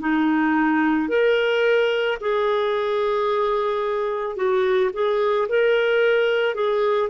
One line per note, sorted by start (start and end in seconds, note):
0.00 1.09 D#4
1.09 2.18 A#4
2.21 4.36 G#4
4.36 4.90 F#4
4.93 5.47 G#4
5.48 6.55 A#4
6.55 7.09 G#4